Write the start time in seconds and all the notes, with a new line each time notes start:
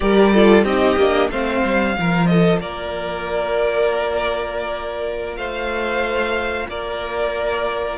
0.00 G3 G4 A#4 D5
0.33 F4 A4
0.64 C4 D#4 G4 D#5
0.96 A#3 D4
1.30 A3 C4 C5 F5
1.64 G3
1.94 F3 F4 A#4
2.26 A4 D#5
2.60 A#3 A#4 D5
5.36 A3 C5 F5
6.68 A#3 A#4 D5